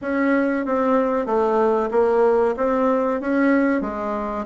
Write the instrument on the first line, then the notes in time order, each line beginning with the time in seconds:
bassoon
0.01 C#4
0.65 C4
1.26 A3
1.91 A#3
2.56 C4
3.20 C#4
3.81 G#3